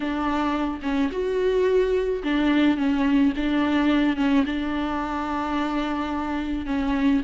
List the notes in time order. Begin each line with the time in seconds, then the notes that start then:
0.00 D4
0.82 C#4
1.11 F#4
2.23 D4
2.77 C#4
3.36 D4
4.16 C#4
4.45 D4
6.66 C#4